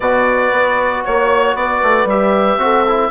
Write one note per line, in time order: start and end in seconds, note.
0.00 0.51 B2
0.00 2.09 F#4
0.00 1.02 B4
0.00 1.04 D5
0.51 1.04 B3
1.04 1.55 A#3
1.04 1.56 C#5
1.55 1.81 B3
1.55 2.62 B4
1.55 2.08 D5
1.82 2.04 A3
2.04 2.57 G3
2.04 2.58 G4
2.04 3.10 E5
2.57 3.09 C4
2.57 2.84 F#4
2.57 3.10 A4
2.87 3.10 E4